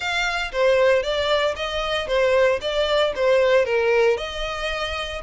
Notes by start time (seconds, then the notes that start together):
0.00 F5
0.52 C5
1.02 D5
1.56 D#5
2.07 C5
2.61 D5
3.15 C5
3.65 A#4
4.17 D#5